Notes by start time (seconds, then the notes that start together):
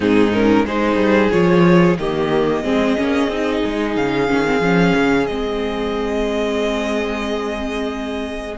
0.00 G#2 C4 D#4 G#4
0.32 C#4 A#4
0.64 G#3 D#4 G#4 C5
0.96 G3
1.30 F3 F4 C#5
1.96 D#3 A#3 G4 D#5
2.63 G#3 C4 G#4
2.96 A#3 C#4
3.27 C4 D#4
3.64 G#3
3.96 C#3 F5
4.28 D#3 C#4
4.45 C4
4.60 F3 C#4
4.95 C#3
5.26 G#3 C4 D#5